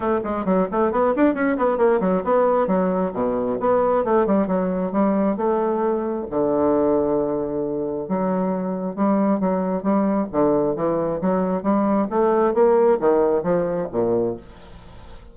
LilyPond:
\new Staff \with { instrumentName = "bassoon" } { \time 4/4 \tempo 4 = 134 a8 gis8 fis8 a8 b8 d'8 cis'8 b8 | ais8 fis8 b4 fis4 b,4 | b4 a8 g8 fis4 g4 | a2 d2~ |
d2 fis2 | g4 fis4 g4 d4 | e4 fis4 g4 a4 | ais4 dis4 f4 ais,4 | }